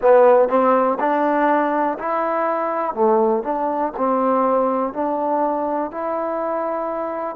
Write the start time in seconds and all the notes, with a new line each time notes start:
0.01 B3
0.48 C4
0.99 D4
1.99 E4
2.93 A3
3.42 D4
3.97 C4
4.93 D4
5.91 E4